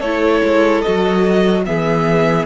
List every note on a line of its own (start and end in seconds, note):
0.00 0.41 A3
0.00 0.85 E4
0.00 1.62 A4
0.00 0.82 C#5
0.43 0.84 G#3
0.82 1.66 F#4
0.82 1.63 D#5
0.88 1.67 F#3
1.66 2.46 E3
1.66 2.46 B3
1.66 2.46 G#4
1.66 2.46 E5